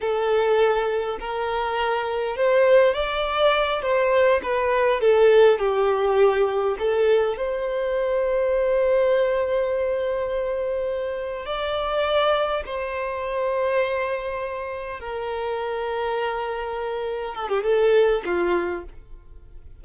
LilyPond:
\new Staff \with { instrumentName = "violin" } { \time 4/4 \tempo 4 = 102 a'2 ais'2 | c''4 d''4. c''4 b'8~ | b'8 a'4 g'2 a'8~ | a'8 c''2.~ c''8~ |
c''2.~ c''8 d''8~ | d''4. c''2~ c''8~ | c''4. ais'2~ ais'8~ | ais'4. a'16 g'16 a'4 f'4 | }